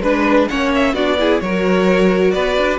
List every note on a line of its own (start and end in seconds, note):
0.00 0.47 G#3
0.00 0.49 D4
0.00 0.48 B4
0.48 0.93 A#3
0.48 0.96 C#4
0.48 0.93 C#5
0.48 0.71 F#5
0.74 0.94 E5
0.93 1.39 B3
0.93 1.18 D4
0.93 1.17 F#4
0.93 1.39 D5
1.18 1.41 E4
1.18 1.43 G#4
1.39 2.34 F#3
1.39 2.78 F#4
1.39 2.34 A#4
1.39 2.30 C#5
2.30 2.57 B3
2.30 2.78 B4
2.30 2.77 D5
2.57 2.78 D4